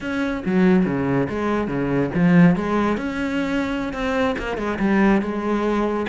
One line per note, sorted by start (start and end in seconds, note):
0.00 0.43 C#4
0.45 0.85 F#3
0.85 1.28 C#3
1.29 1.67 G#3
1.67 2.10 C#3
2.14 2.56 F3
2.56 2.97 G#3
2.97 3.93 C#4
3.93 4.35 C4
4.38 4.57 A#3
4.57 4.78 G#3
4.79 5.21 G3
5.21 6.06 G#3